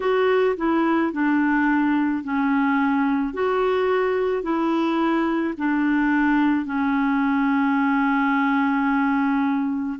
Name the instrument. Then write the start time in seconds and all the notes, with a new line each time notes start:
clarinet
0.00 F#4
0.56 E4
1.12 D4
2.23 C#4
3.33 F#4
4.42 E4
5.57 D4
6.65 C#4